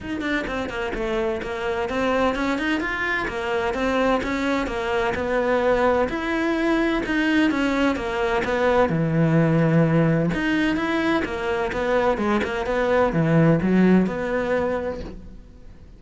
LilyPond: \new Staff \with { instrumentName = "cello" } { \time 4/4 \tempo 4 = 128 dis'8 d'8 c'8 ais8 a4 ais4 | c'4 cis'8 dis'8 f'4 ais4 | c'4 cis'4 ais4 b4~ | b4 e'2 dis'4 |
cis'4 ais4 b4 e4~ | e2 dis'4 e'4 | ais4 b4 gis8 ais8 b4 | e4 fis4 b2 | }